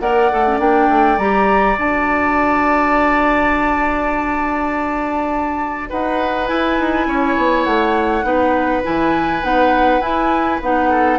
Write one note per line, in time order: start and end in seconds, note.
0.00 0.30 A#3
0.00 0.31 A#4
0.00 5.90 D5
0.00 0.59 F#5
0.32 0.59 A3
0.32 0.47 A4
0.47 0.59 C#4
0.59 0.88 A#3
0.59 1.18 D4
0.59 1.18 G5
0.89 1.18 A3
1.18 1.77 G3
1.18 1.77 G4
1.18 1.77 A#5
1.77 5.90 D4
1.77 6.47 F#4
1.77 5.90 A5
5.90 6.50 D#4
5.90 7.07 B4
5.90 6.47 F#5
6.47 8.23 E4
6.47 6.79 E4
6.47 7.64 G#5
6.79 7.07 D#4
7.07 7.36 C#4
7.07 8.26 C#5
7.37 7.66 B3
7.64 8.23 A3
7.64 8.81 F#5
8.23 8.82 B3
8.23 8.82 D#4
8.23 10.89 B4
8.83 9.43 E3
8.83 9.42 E4
8.83 9.44 G#5
9.43 10.00 B3
9.43 10.02 D#4
9.43 10.01 F#5
10.00 10.59 E4
10.00 10.61 E4
10.00 10.60 G#5
10.61 11.19 B3
10.61 11.19 D#4
10.61 11.19 F#5
10.89 11.19 A4